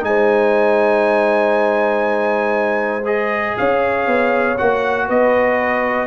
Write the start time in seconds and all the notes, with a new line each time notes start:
0.00 G#3 D#4 G#5
0.07 C5
3.05 G#4 D#5
3.58 C#4 C#5 F5
4.07 B3
4.58 A#3 F#4 F#5
5.07 B3 B4 D#5